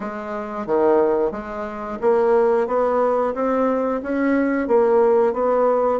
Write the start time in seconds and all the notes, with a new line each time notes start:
0.00 G#3
0.66 D#3
1.31 G#3
2.01 A#3
2.67 B3
3.34 C4
4.02 C#4
4.67 A#3
5.33 B3